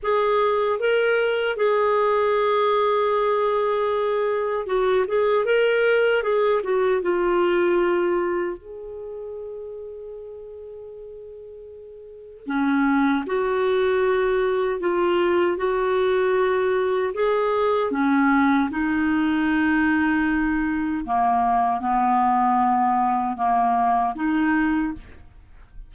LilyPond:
\new Staff \with { instrumentName = "clarinet" } { \time 4/4 \tempo 4 = 77 gis'4 ais'4 gis'2~ | gis'2 fis'8 gis'8 ais'4 | gis'8 fis'8 f'2 gis'4~ | gis'1 |
cis'4 fis'2 f'4 | fis'2 gis'4 cis'4 | dis'2. ais4 | b2 ais4 dis'4 | }